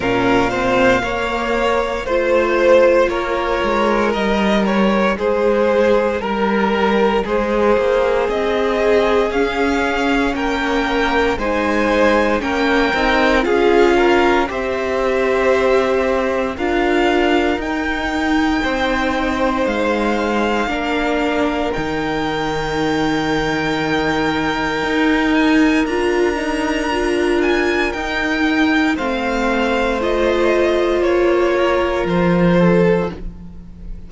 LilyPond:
<<
  \new Staff \with { instrumentName = "violin" } { \time 4/4 \tempo 4 = 58 f''2 c''4 cis''4 | dis''8 cis''8 c''4 ais'4 c''4 | dis''4 f''4 g''4 gis''4 | g''4 f''4 e''2 |
f''4 g''2 f''4~ | f''4 g''2.~ | g''8 gis''8 ais''4. gis''8 g''4 | f''4 dis''4 cis''4 c''4 | }
  \new Staff \with { instrumentName = "violin" } { \time 4/4 ais'8 c''8 cis''4 c''4 ais'4~ | ais'4 gis'4 ais'4 gis'4~ | gis'2 ais'4 c''4 | ais'4 gis'8 ais'8 c''2 |
ais'2 c''2 | ais'1~ | ais'1 | c''2~ c''8 ais'4 a'8 | }
  \new Staff \with { instrumentName = "viola" } { \time 4/4 cis'8 c'8 ais4 f'2 | dis'1~ | dis'4 cis'2 dis'4 | cis'8 dis'8 f'4 g'2 |
f'4 dis'2. | d'4 dis'2.~ | dis'4 f'8 dis'8 f'4 dis'4 | c'4 f'2. | }
  \new Staff \with { instrumentName = "cello" } { \time 4/4 ais,4 ais4 a4 ais8 gis8 | g4 gis4 g4 gis8 ais8 | c'4 cis'4 ais4 gis4 | ais8 c'8 cis'4 c'2 |
d'4 dis'4 c'4 gis4 | ais4 dis2. | dis'4 d'2 dis'4 | a2 ais4 f4 | }
>>